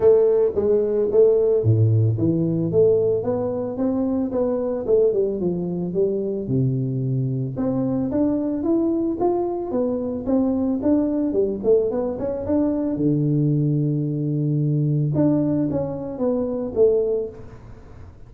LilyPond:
\new Staff \with { instrumentName = "tuba" } { \time 4/4 \tempo 4 = 111 a4 gis4 a4 a,4 | e4 a4 b4 c'4 | b4 a8 g8 f4 g4 | c2 c'4 d'4 |
e'4 f'4 b4 c'4 | d'4 g8 a8 b8 cis'8 d'4 | d1 | d'4 cis'4 b4 a4 | }